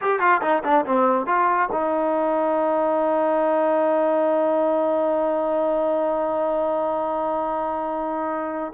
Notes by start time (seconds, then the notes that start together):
0.01 G4
0.19 F4
0.41 D#4
0.63 D4
0.85 C4
1.26 F4
1.71 D#4